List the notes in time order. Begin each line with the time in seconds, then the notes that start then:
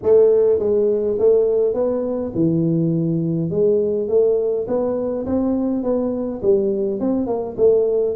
0.03 A3
0.59 G#3
1.18 A3
1.74 B3
2.34 E3
3.50 G#3
4.08 A3
4.67 B3
5.26 C4
5.83 B3
6.42 G3
7.00 C4
7.26 A#3
7.57 A3